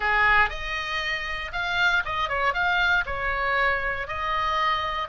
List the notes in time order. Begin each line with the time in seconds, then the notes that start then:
0.00 G#4
0.49 D#5
1.52 F5
2.05 D#5
2.29 C#5
2.53 F5
3.05 C#5
4.07 D#5